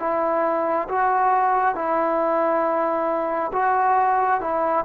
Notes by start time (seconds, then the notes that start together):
0.00 E4
0.89 F#4
1.75 E4
3.53 F#4
4.41 E4